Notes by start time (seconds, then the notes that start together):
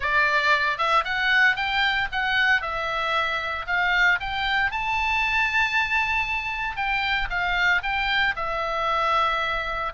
0.00 D5
0.78 E5
1.04 F#5
1.56 G5
2.12 F#5
2.61 E5
3.66 F5
4.20 G5
4.71 A5
6.76 G5
7.29 F5
7.82 G5
8.36 E5